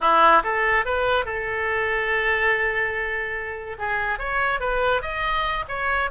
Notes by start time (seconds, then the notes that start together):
0.00 E4
0.43 A4
0.85 B4
1.25 A4
3.78 G#4
4.18 C#5
4.59 B4
5.02 D#5
5.68 C#5